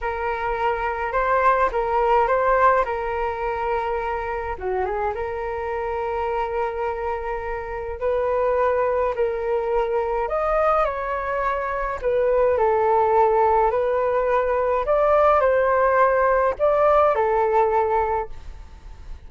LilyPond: \new Staff \with { instrumentName = "flute" } { \time 4/4 \tempo 4 = 105 ais'2 c''4 ais'4 | c''4 ais'2. | fis'8 gis'8 ais'2.~ | ais'2 b'2 |
ais'2 dis''4 cis''4~ | cis''4 b'4 a'2 | b'2 d''4 c''4~ | c''4 d''4 a'2 | }